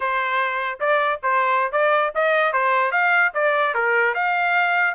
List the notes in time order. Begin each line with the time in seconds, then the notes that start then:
0.00 C5
0.80 D5
1.22 C5
1.72 D5
2.14 D#5
2.53 C5
2.91 F5
3.33 D5
3.74 A#4
4.14 F5